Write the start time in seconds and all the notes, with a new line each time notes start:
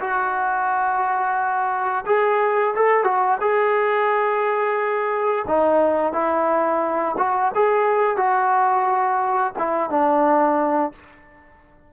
0.00 F#4
2.06 G#4
2.75 A4
3.04 F#4
3.40 G#4
5.47 D#4
6.13 E4
7.17 F#4
7.54 G#4
8.16 F#4
9.58 E4
9.90 D4